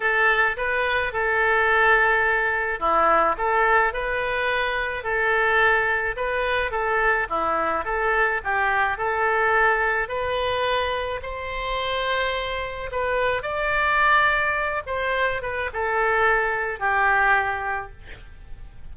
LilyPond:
\new Staff \with { instrumentName = "oboe" } { \time 4/4 \tempo 4 = 107 a'4 b'4 a'2~ | a'4 e'4 a'4 b'4~ | b'4 a'2 b'4 | a'4 e'4 a'4 g'4 |
a'2 b'2 | c''2. b'4 | d''2~ d''8 c''4 b'8 | a'2 g'2 | }